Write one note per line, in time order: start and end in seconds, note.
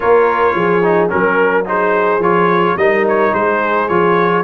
0.00 0.54 A#3
0.00 0.83 F4
0.00 0.55 A#4
0.00 1.09 C#5
0.54 1.10 F3
0.54 1.11 G#4
0.83 1.09 D#4
1.09 2.18 F#3
1.09 1.64 C#4
1.09 1.65 A#4
1.09 1.67 A#4
1.65 2.20 D#4
1.65 2.79 G#4
1.65 2.22 C5
2.18 2.74 F3
2.18 2.77 F4
2.18 2.77 C#5
2.76 3.32 G3
2.76 3.89 D#4
2.76 3.34 A#4
2.76 3.05 D#5
3.08 3.34 C#5
3.33 3.89 G#3
3.33 4.44 G#4
3.33 3.88 C5
3.88 4.44 F3
3.88 4.44 F4
3.88 4.44 C#5